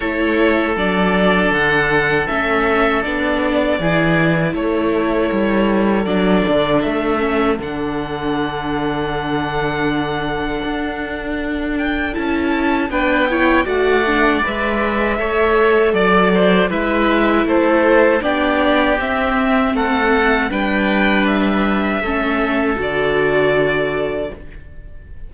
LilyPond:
<<
  \new Staff \with { instrumentName = "violin" } { \time 4/4 \tempo 4 = 79 cis''4 d''4 fis''4 e''4 | d''2 cis''2 | d''4 e''4 fis''2~ | fis''2.~ fis''8 g''8 |
a''4 g''4 fis''4 e''4~ | e''4 d''4 e''4 c''4 | d''4 e''4 fis''4 g''4 | e''2 d''2 | }
  \new Staff \with { instrumentName = "oboe" } { \time 4/4 a'1~ | a'4 gis'4 a'2~ | a'1~ | a'1~ |
a'4 b'8 cis''8 d''2 | cis''4 d''8 c''8 b'4 a'4 | g'2 a'4 b'4~ | b'4 a'2. | }
  \new Staff \with { instrumentName = "viola" } { \time 4/4 e'4 d'2 cis'4 | d'4 e'2. | d'4. cis'8 d'2~ | d'1 |
e'4 d'8 e'8 fis'8 d'8 b'4 | a'2 e'2 | d'4 c'2 d'4~ | d'4 cis'4 fis'2 | }
  \new Staff \with { instrumentName = "cello" } { \time 4/4 a4 fis4 d4 a4 | b4 e4 a4 g4 | fis8 d8 a4 d2~ | d2 d'2 |
cis'4 b4 a4 gis4 | a4 fis4 gis4 a4 | b4 c'4 a4 g4~ | g4 a4 d2 | }
>>